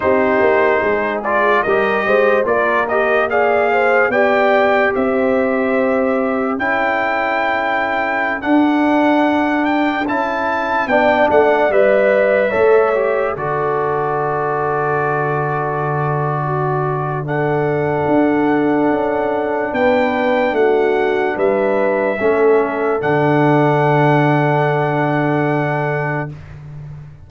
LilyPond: <<
  \new Staff \with { instrumentName = "trumpet" } { \time 4/4 \tempo 4 = 73 c''4. d''8 dis''4 d''8 dis''8 | f''4 g''4 e''2 | g''2~ g''16 fis''4. g''16~ | g''16 a''4 g''8 fis''8 e''4.~ e''16~ |
e''16 d''2.~ d''8.~ | d''4 fis''2. | g''4 fis''4 e''2 | fis''1 | }
  \new Staff \with { instrumentName = "horn" } { \time 4/4 g'4 gis'4 ais'8 c''8 ais'4 | d''8 c''8 d''4 c''2 | a'1~ | a'4~ a'16 d''2 cis''8.~ |
cis''16 a'2.~ a'8. | fis'4 a'2. | b'4 fis'4 b'4 a'4~ | a'1 | }
  \new Staff \with { instrumentName = "trombone" } { \time 4/4 dis'4. f'8 g'4 f'8 g'8 | gis'4 g'2. | e'2~ e'16 d'4.~ d'16~ | d'16 e'4 d'4 b'4 a'8 g'16~ |
g'16 fis'2.~ fis'8.~ | fis'4 d'2.~ | d'2. cis'4 | d'1 | }
  \new Staff \with { instrumentName = "tuba" } { \time 4/4 c'8 ais8 gis4 g8 gis8 ais4~ | ais4 b4 c'2 | cis'2~ cis'16 d'4.~ d'16~ | d'16 cis'4 b8 a8 g4 a8.~ |
a16 d2.~ d8.~ | d2 d'4 cis'4 | b4 a4 g4 a4 | d1 | }
>>